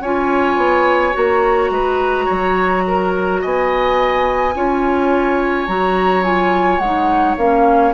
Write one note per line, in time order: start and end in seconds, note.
0.00 0.56 C#4
0.00 1.12 F4
0.00 1.71 C#5
0.00 1.15 G#5
0.56 1.13 B3
1.12 1.70 A#3
1.12 4.52 F#4
1.12 3.42 A#5
1.70 2.26 G#3
1.70 2.25 B4
2.25 3.43 F#3
2.25 2.81 C#5
2.87 3.41 A#4
3.41 4.54 B3
3.41 4.54 D#5
3.41 5.67 G#5
4.54 5.67 C#4
4.54 5.67 F4
4.54 7.94 C#5
5.67 6.78 F#3
5.67 6.23 F#4
5.67 6.23 A#5
6.23 6.80 F4
6.23 6.78 G#5
6.78 7.35 G#3
6.78 7.34 F#5
6.84 7.37 D#4
7.37 7.93 A#3
7.37 7.94 C#4
7.37 7.93 F5